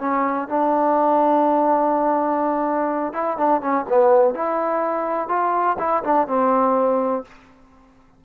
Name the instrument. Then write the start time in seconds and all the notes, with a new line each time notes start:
trombone
0.00 C#4
0.48 D4
3.13 E4
3.38 D4
3.61 C#4
3.89 B3
4.34 E4
5.28 F4
5.79 E4
6.03 D4
6.28 C4